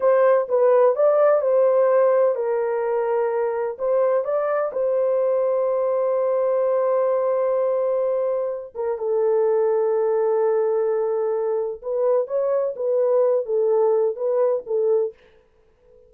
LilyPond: \new Staff \with { instrumentName = "horn" } { \time 4/4 \tempo 4 = 127 c''4 b'4 d''4 c''4~ | c''4 ais'2. | c''4 d''4 c''2~ | c''1~ |
c''2~ c''8 ais'8 a'4~ | a'1~ | a'4 b'4 cis''4 b'4~ | b'8 a'4. b'4 a'4 | }